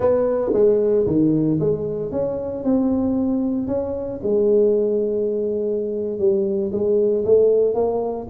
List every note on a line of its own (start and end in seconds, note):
0.00 0.51 B3
0.53 1.06 G#3
1.06 1.59 D#3
1.60 2.11 G#3
2.11 2.64 C#4
2.64 3.67 C4
3.67 4.19 C#4
4.22 6.18 G#3
6.18 6.71 G3
6.72 7.24 G#3
7.24 7.74 A3
7.74 8.27 A#3